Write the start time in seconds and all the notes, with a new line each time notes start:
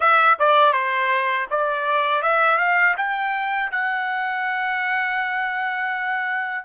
0.00 E5
0.39 D5
0.72 C5
1.50 D5
2.22 E5
2.58 F5
2.97 G5
3.71 F#5